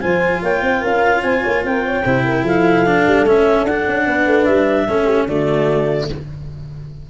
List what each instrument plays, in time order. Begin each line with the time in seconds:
0.00 tuba F3, cello F4, horn C5, clarinet G#5
0.42 tuba A#3, horn C#5, clarinet G5
0.61 tuba C4, horn C5
0.81 tuba C#4, horn A#4, clarinet F5
1.22 tuba C4, horn C5, clarinet G#5
1.43 tuba A#3, horn C#5
1.63 tuba C4, horn A#4, clarinet G5
1.85 horn C#5
2.03 tuba C3, cello E4, horn C5
2.24 horn A#4
2.42 tuba F3, horn A4, clarinet F5
2.86 cello D4
3.06 tuba G3
3.24 tuba A3, cello C#4, clarinet E5
3.63 tuba D4, cello D4, clarinet F#5
3.87 tuba C#4
4.05 tuba B3, horn B4
4.26 tuba A3
4.44 tuba G3, clarinet E5
4.86 tuba A3, cello C#4, horn A4
5.05 horn G4
5.27 tuba D3, cello A3, horn F#4, clarinet D5